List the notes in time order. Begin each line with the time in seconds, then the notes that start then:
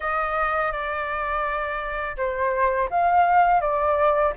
0.00 D#5
0.72 D5
2.17 C5
2.89 F5
3.60 D5